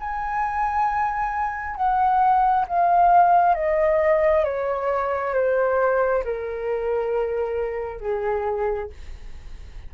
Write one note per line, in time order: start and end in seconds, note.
0.00 1.76 G#5
1.76 2.66 F#5
2.68 3.55 F5
3.55 4.45 D#5
4.45 5.34 C#5
5.34 6.24 C5
6.25 8.01 A#4
8.01 8.90 G#4